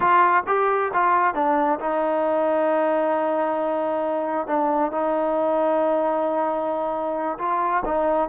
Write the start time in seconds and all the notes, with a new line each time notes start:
0.00 F4
0.46 G4
0.93 F4
1.34 D4
1.79 D#4
4.47 D4
4.91 D#4
7.38 F4
7.85 D#4